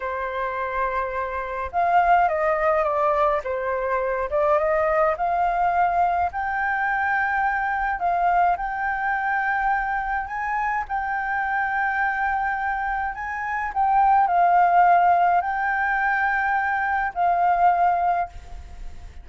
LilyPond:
\new Staff \with { instrumentName = "flute" } { \time 4/4 \tempo 4 = 105 c''2. f''4 | dis''4 d''4 c''4. d''8 | dis''4 f''2 g''4~ | g''2 f''4 g''4~ |
g''2 gis''4 g''4~ | g''2. gis''4 | g''4 f''2 g''4~ | g''2 f''2 | }